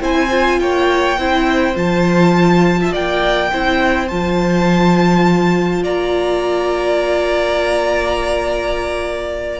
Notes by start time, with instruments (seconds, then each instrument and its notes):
0.00 cello C4, viola E4, violin C5 G#5
0.30 viola F4
0.60 cello A#3, violin C#5 G5
1.18 cello C4, viola E4, violin C5
1.75 cello F3, viola F4, violin A5
2.81 violin E5
2.92 cello A#3, violin D5 G5
3.51 cello C4, viola E4, violin C5
4.08 cello F3, viola F4, violin A5
5.83 cello A#3, violin D5 A#5